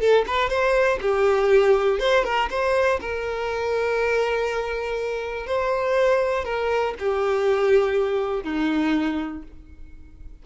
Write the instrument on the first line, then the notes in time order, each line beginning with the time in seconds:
violin
0.00 A4
0.26 B4
0.49 C5
1.01 G4
1.99 C5
2.24 A#4
2.50 C5
3.00 A#4
5.46 C5
6.44 A#4
6.98 G4
8.43 D#4